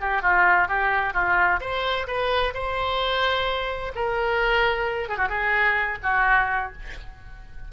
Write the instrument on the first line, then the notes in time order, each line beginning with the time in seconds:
oboe
0.00 G4
0.22 F4
0.68 G4
1.13 F4
1.60 C5
2.07 B4
2.54 C5
3.95 A#4
5.09 G#4
5.17 F#4
5.29 G#4
6.03 F#4